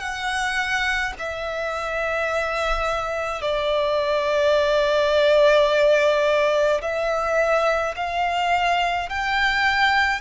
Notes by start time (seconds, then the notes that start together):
0.00 F#5
1.19 E5
3.42 D5
6.82 E5
7.96 F5
9.09 G5